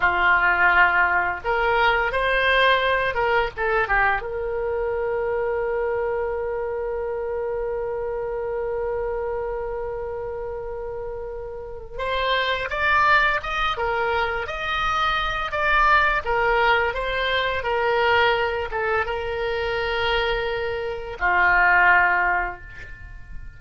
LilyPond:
\new Staff \with { instrumentName = "oboe" } { \time 4/4 \tempo 4 = 85 f'2 ais'4 c''4~ | c''8 ais'8 a'8 g'8 ais'2~ | ais'1~ | ais'1~ |
ais'4 c''4 d''4 dis''8 ais'8~ | ais'8 dis''4. d''4 ais'4 | c''4 ais'4. a'8 ais'4~ | ais'2 f'2 | }